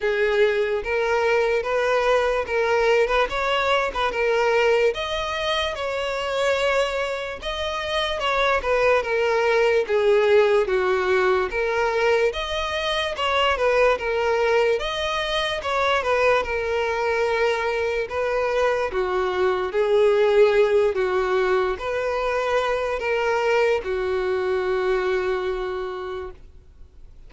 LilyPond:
\new Staff \with { instrumentName = "violin" } { \time 4/4 \tempo 4 = 73 gis'4 ais'4 b'4 ais'8. b'16 | cis''8. b'16 ais'4 dis''4 cis''4~ | cis''4 dis''4 cis''8 b'8 ais'4 | gis'4 fis'4 ais'4 dis''4 |
cis''8 b'8 ais'4 dis''4 cis''8 b'8 | ais'2 b'4 fis'4 | gis'4. fis'4 b'4. | ais'4 fis'2. | }